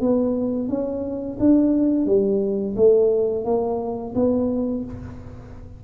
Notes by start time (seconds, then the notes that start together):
0.00 B3
0.68 C#4
1.39 D4
2.06 G3
2.76 A3
3.45 A#3
4.15 B3